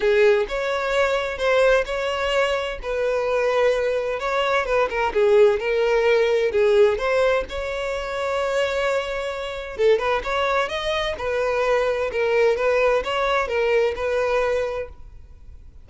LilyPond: \new Staff \with { instrumentName = "violin" } { \time 4/4 \tempo 4 = 129 gis'4 cis''2 c''4 | cis''2 b'2~ | b'4 cis''4 b'8 ais'8 gis'4 | ais'2 gis'4 c''4 |
cis''1~ | cis''4 a'8 b'8 cis''4 dis''4 | b'2 ais'4 b'4 | cis''4 ais'4 b'2 | }